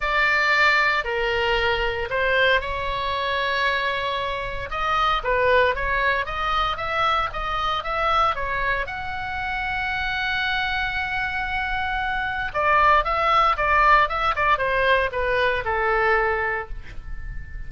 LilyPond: \new Staff \with { instrumentName = "oboe" } { \time 4/4 \tempo 4 = 115 d''2 ais'2 | c''4 cis''2.~ | cis''4 dis''4 b'4 cis''4 | dis''4 e''4 dis''4 e''4 |
cis''4 fis''2.~ | fis''1 | d''4 e''4 d''4 e''8 d''8 | c''4 b'4 a'2 | }